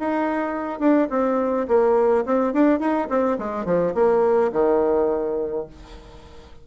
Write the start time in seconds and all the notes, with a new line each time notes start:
0.00 D#4
0.80 D4
1.10 C4
1.69 A#3
2.26 C4
2.53 D4
2.80 D#4
3.10 C4
3.39 G#3
3.66 F3
3.95 A#3
4.53 D#3